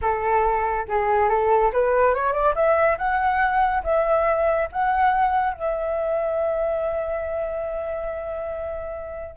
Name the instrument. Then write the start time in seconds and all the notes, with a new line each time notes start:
flute
0.01 A4
0.88 G#4
1.29 A4
1.72 B4
2.14 C#5
2.32 D5
2.55 E5
2.97 F#5
3.83 E5
4.72 F#5
5.53 E5